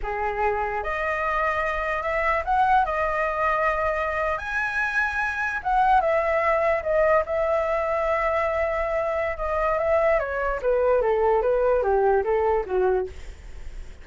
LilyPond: \new Staff \with { instrumentName = "flute" } { \time 4/4 \tempo 4 = 147 gis'2 dis''2~ | dis''4 e''4 fis''4 dis''4~ | dis''2~ dis''8. gis''4~ gis''16~ | gis''4.~ gis''16 fis''4 e''4~ e''16~ |
e''8. dis''4 e''2~ e''16~ | e''2. dis''4 | e''4 cis''4 b'4 a'4 | b'4 g'4 a'4 fis'4 | }